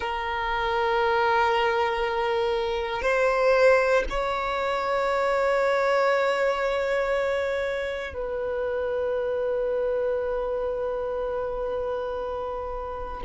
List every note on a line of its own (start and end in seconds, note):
0.00 3.01 A#4
3.01 4.03 C5
4.09 8.13 C#5
8.13 13.22 B4